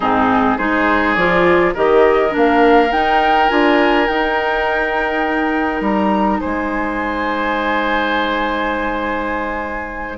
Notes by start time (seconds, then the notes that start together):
0.00 G#2 C4 D#4 G#4
0.57 G#3 D#4 G#4 C5
1.14 F3 F4 D5
1.74 D#3 G4 A#4 D#5
2.30 A#3 D4
2.37 F5
2.91 D#4 G5
3.48 D4 F4 G#5
4.07 D#4 G5
5.80 G3 A#5
6.39 G#3 C5 G#5